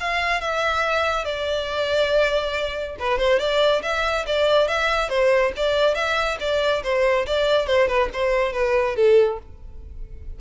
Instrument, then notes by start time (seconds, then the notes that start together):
violin
0.00 F5
0.41 E5
1.25 D5
2.99 B4
3.19 C5
3.39 D5
3.83 E5
4.27 D5
4.68 E5
5.09 C5
5.56 D5
5.95 E5
6.40 D5
6.83 C5
7.27 D5
7.67 C5
7.88 B4
8.13 C5
8.53 B4
8.96 A4